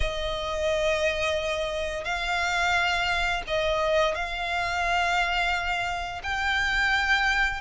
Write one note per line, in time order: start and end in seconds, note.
0.00 2.04 D#5
2.04 3.42 F5
3.47 4.14 D#5
4.14 6.21 F5
6.23 7.60 G5